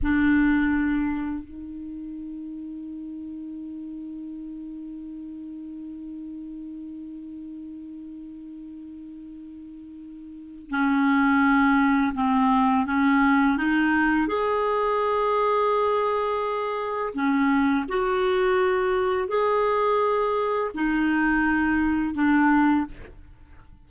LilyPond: \new Staff \with { instrumentName = "clarinet" } { \time 4/4 \tempo 4 = 84 d'2 dis'2~ | dis'1~ | dis'1~ | dis'2. cis'4~ |
cis'4 c'4 cis'4 dis'4 | gis'1 | cis'4 fis'2 gis'4~ | gis'4 dis'2 d'4 | }